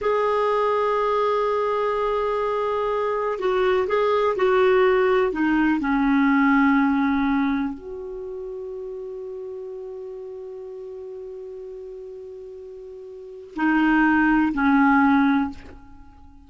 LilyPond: \new Staff \with { instrumentName = "clarinet" } { \time 4/4 \tempo 4 = 124 gis'1~ | gis'2. fis'4 | gis'4 fis'2 dis'4 | cis'1 |
fis'1~ | fis'1~ | fis'1 | dis'2 cis'2 | }